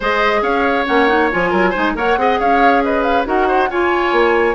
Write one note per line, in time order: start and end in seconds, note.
0.00 0.42 G#3
0.00 0.86 G#4
0.00 0.40 C5
0.00 0.42 D#5
0.42 0.85 C#4
0.42 1.50 C#5
0.42 0.86 F5
0.86 1.32 A#3
0.86 1.08 C#4
0.86 1.30 F#5
1.08 1.30 D#4
1.30 1.52 F3
1.30 1.74 F4
1.30 1.96 G#5
1.50 1.74 F#3
1.50 1.69 A#4
1.69 1.95 D#4
1.69 1.91 C5
1.77 1.95 G#3
1.95 2.16 A#3
1.95 2.17 A#4
1.95 2.19 C#5
1.95 2.40 F#5
2.16 2.38 C4
2.16 3.24 G#4
2.16 2.39 D#5
2.39 3.26 C#4
2.39 2.83 C#5
2.39 2.83 F5
2.84 3.27 B4
2.84 3.02 D#5
3.02 3.24 F5
3.24 3.69 D#4
3.24 3.68 F#4
3.24 3.47 A#4
3.24 3.70 F#5
3.47 3.69 C5
3.69 4.12 F4
3.69 4.54 F4
3.69 4.54 C#5
3.69 4.54 G#5
4.12 4.54 A#3